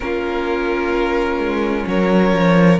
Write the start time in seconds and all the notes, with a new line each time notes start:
0.00 A#3 C#4 F4 A#4
1.38 G#3
1.87 F#3 A#4 C#5
2.33 F3